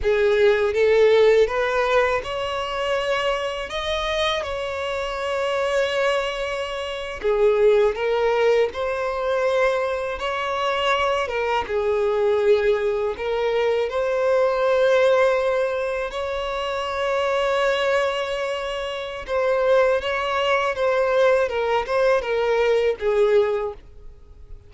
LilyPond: \new Staff \with { instrumentName = "violin" } { \time 4/4 \tempo 4 = 81 gis'4 a'4 b'4 cis''4~ | cis''4 dis''4 cis''2~ | cis''4.~ cis''16 gis'4 ais'4 c''16~ | c''4.~ c''16 cis''4. ais'8 gis'16~ |
gis'4.~ gis'16 ais'4 c''4~ c''16~ | c''4.~ c''16 cis''2~ cis''16~ | cis''2 c''4 cis''4 | c''4 ais'8 c''8 ais'4 gis'4 | }